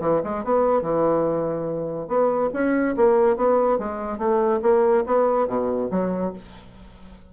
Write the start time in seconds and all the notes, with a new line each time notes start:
0.00 E3
0.23 G#3
0.44 B3
0.82 E3
2.08 B3
2.53 C#4
2.96 A#3
3.36 B3
3.78 G#3
4.18 A3
4.62 A#3
5.06 B3
5.48 B2
5.91 F#3